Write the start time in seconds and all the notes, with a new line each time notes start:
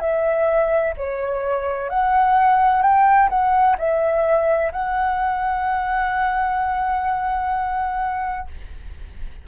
0.00 E5
0.98 C#5
1.90 F#5
2.83 G5
3.30 F#5
3.78 E5
4.73 F#5